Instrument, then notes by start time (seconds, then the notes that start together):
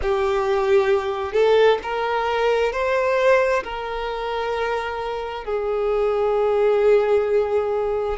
violin
0.02 G4
1.33 A4
1.83 A#4
2.72 C5
3.63 A#4
5.44 G#4